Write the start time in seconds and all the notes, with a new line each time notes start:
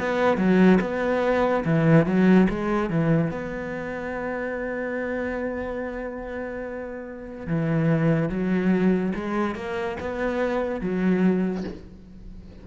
0.00 B3
0.37 F#3
0.81 B3
1.65 E3
2.06 F#3
2.49 G#3
2.90 E3
3.31 B3
7.47 E3
8.30 F#3
9.15 G#3
9.55 A#3
10.00 B3
10.81 F#3